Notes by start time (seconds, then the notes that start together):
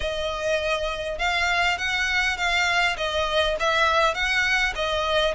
0.00 D#5
1.18 F5
1.78 F#5
2.37 F5
2.97 D#5
3.59 E5
4.14 F#5
4.75 D#5